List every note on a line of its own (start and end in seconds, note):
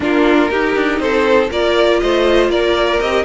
0.00 0.49 A#3
0.00 0.49 D4
0.00 0.50 F4
0.00 0.99 A#4
0.49 1.49 D#4
0.49 0.75 D#4
0.49 1.00 G4
0.75 0.99 D4
0.99 1.49 C4
0.99 1.50 A4
0.99 1.49 C5
1.50 2.01 A#3
1.50 3.00 F4
1.50 2.00 A#4
1.50 1.99 D5
1.99 2.49 A3
1.99 2.51 C5
1.99 2.49 D#5
2.49 2.99 A#3
2.49 3.24 A#4
2.49 3.00 D5
3.00 3.24 C4
3.00 3.24 G4
3.00 3.24 D#5